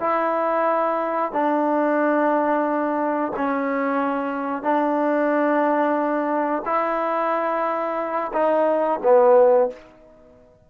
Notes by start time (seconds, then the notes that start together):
0.00 E4
1.32 D4
3.36 C#4
4.63 D4
6.65 E4
8.33 D#4
9.03 B3